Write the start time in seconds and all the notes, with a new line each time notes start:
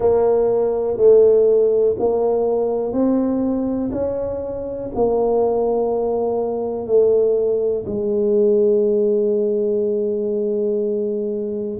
0.00 A#3
0.97 A3
1.99 A#3
2.92 C4
3.91 C#4
4.94 A#3
6.86 A3
7.86 G#3